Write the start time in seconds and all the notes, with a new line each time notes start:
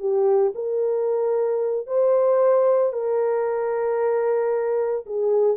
0.00 G4
0.55 A#4
1.88 C5
2.93 A#4
5.06 G#4